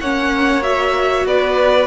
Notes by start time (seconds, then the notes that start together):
0.00 A#3 C#4 C#5 F#5
0.62 F#4 E5
1.25 B3 B4 D5